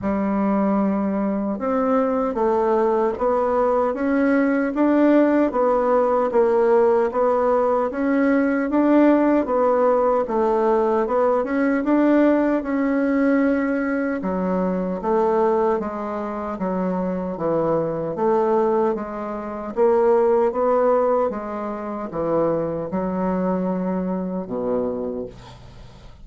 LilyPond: \new Staff \with { instrumentName = "bassoon" } { \time 4/4 \tempo 4 = 76 g2 c'4 a4 | b4 cis'4 d'4 b4 | ais4 b4 cis'4 d'4 | b4 a4 b8 cis'8 d'4 |
cis'2 fis4 a4 | gis4 fis4 e4 a4 | gis4 ais4 b4 gis4 | e4 fis2 b,4 | }